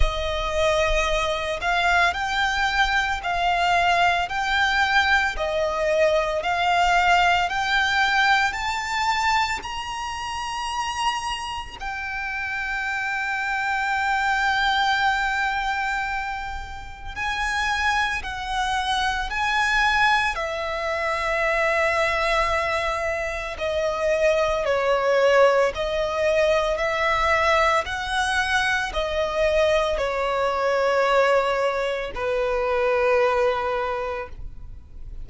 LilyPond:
\new Staff \with { instrumentName = "violin" } { \time 4/4 \tempo 4 = 56 dis''4. f''8 g''4 f''4 | g''4 dis''4 f''4 g''4 | a''4 ais''2 g''4~ | g''1 |
gis''4 fis''4 gis''4 e''4~ | e''2 dis''4 cis''4 | dis''4 e''4 fis''4 dis''4 | cis''2 b'2 | }